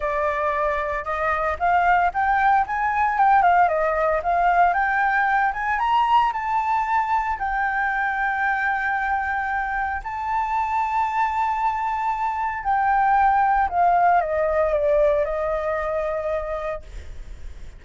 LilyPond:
\new Staff \with { instrumentName = "flute" } { \time 4/4 \tempo 4 = 114 d''2 dis''4 f''4 | g''4 gis''4 g''8 f''8 dis''4 | f''4 g''4. gis''8 ais''4 | a''2 g''2~ |
g''2. a''4~ | a''1 | g''2 f''4 dis''4 | d''4 dis''2. | }